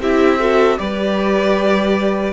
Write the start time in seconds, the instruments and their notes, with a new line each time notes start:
0.00 cello C4, viola E4, violin G4 E5
0.40 viola F#4, violin A4
0.78 cello G3, viola G4, violin B4 D5